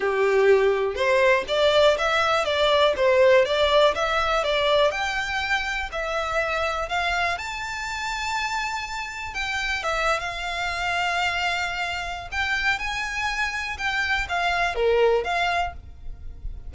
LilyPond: \new Staff \with { instrumentName = "violin" } { \time 4/4 \tempo 4 = 122 g'2 c''4 d''4 | e''4 d''4 c''4 d''4 | e''4 d''4 g''2 | e''2 f''4 a''4~ |
a''2. g''4 | e''8. f''2.~ f''16~ | f''4 g''4 gis''2 | g''4 f''4 ais'4 f''4 | }